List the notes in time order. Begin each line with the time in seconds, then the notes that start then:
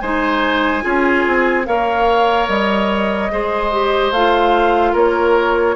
0.00 G#3 D#4 C5 G#5
0.81 C#4 F4 G#4
1.26 C4
1.65 A#3 A#4 C#5 F5
2.48 G3 D#5
3.31 G#3 G#4 C5
3.72 G4
4.11 A3 F4 F5
4.92 A#3 A#4 C#5